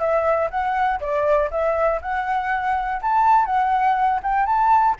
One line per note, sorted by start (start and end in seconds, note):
0.00 0.50 E5
0.51 1.00 F#5
1.01 1.51 D5
1.51 2.01 E5
2.02 3.01 F#5
3.02 3.46 A5
3.46 4.20 F#5
4.23 4.47 G5
4.47 4.96 A5